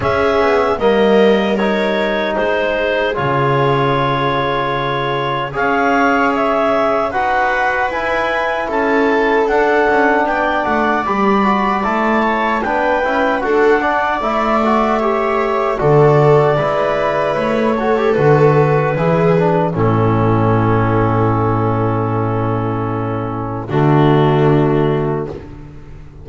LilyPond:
<<
  \new Staff \with { instrumentName = "clarinet" } { \time 4/4 \tempo 4 = 76 e''4 dis''4 cis''4 c''4 | cis''2. f''4 | e''4 fis''4 gis''4 a''4 | fis''4 g''8 fis''8 b''4 a''4 |
g''4 fis''4 e''2 | d''2 cis''4 b'4~ | b'4 a'2.~ | a'2 fis'2 | }
  \new Staff \with { instrumentName = "viola" } { \time 4/4 gis'4 ais'2 gis'4~ | gis'2. cis''4~ | cis''4 b'2 a'4~ | a'4 d''2~ d''8 cis''8 |
b'4 a'8 d''4. cis''4 | a'4 b'4. a'4. | gis'4 e'2.~ | e'2 d'2 | }
  \new Staff \with { instrumentName = "trombone" } { \time 4/4 cis'4 ais4 dis'2 | f'2. gis'4~ | gis'4 fis'4 e'2 | d'2 g'8 fis'8 e'4 |
d'8 e'8 fis'8 d'8 e'8 fis'8 g'4 | fis'4 e'4. fis'16 g'16 fis'4 | e'8 d'8 cis'2.~ | cis'2 a2 | }
  \new Staff \with { instrumentName = "double bass" } { \time 4/4 cis'8 b8 g2 gis4 | cis2. cis'4~ | cis'4 dis'4 e'4 cis'4 | d'8 cis'8 b8 a8 g4 a4 |
b8 cis'8 d'4 a2 | d4 gis4 a4 d4 | e4 a,2.~ | a,2 d2 | }
>>